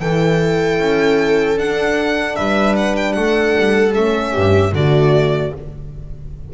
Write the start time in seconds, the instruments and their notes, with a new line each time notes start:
0.00 double bass E3, horn E4, viola A4, violin G5
0.78 double bass C#4
1.58 double bass D4, horn D4, violin F#5
2.36 double bass G3, viola B4, violin E5
2.76 violin F#5
2.96 violin G5
3.13 double bass A3, viola A4, violin F#5
3.58 double bass G3
3.93 double bass A3, horn C#4, violin E5
4.32 double bass G2, viola G4
4.73 double bass D3, horn A3, viola F#4, violin D5